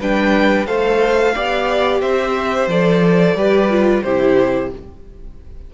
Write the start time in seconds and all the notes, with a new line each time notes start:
0.00 G3 D4 B4 G5
0.66 A3 A4 C5 F5
1.35 B3 G4 D5
2.02 C4 C5 E5
2.67 F3 A4 D5
3.35 G3 G4 B4
3.70 F4
4.03 C3 E4 G4 C5